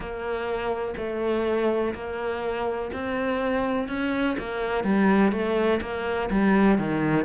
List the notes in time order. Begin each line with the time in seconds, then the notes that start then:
0.00 A#3
0.97 A3
1.94 A#3
2.93 C4
3.88 C#4
4.38 A#3
4.83 G3
5.32 A3
5.81 A#3
6.30 G3
6.78 D#3